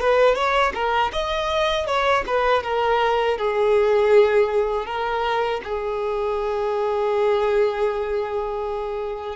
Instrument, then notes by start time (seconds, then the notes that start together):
violin
0.00 B4
0.35 C#5
0.74 A#4
1.13 D#5
1.87 C#5
2.27 B4
2.63 A#4
3.38 G#4
4.86 A#4
5.64 G#4